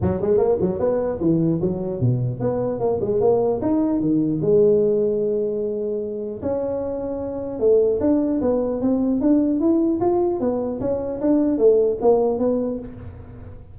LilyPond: \new Staff \with { instrumentName = "tuba" } { \time 4/4 \tempo 4 = 150 fis8 gis8 ais8 fis8 b4 e4 | fis4 b,4 b4 ais8 gis8 | ais4 dis'4 dis4 gis4~ | gis1 |
cis'2. a4 | d'4 b4 c'4 d'4 | e'4 f'4 b4 cis'4 | d'4 a4 ais4 b4 | }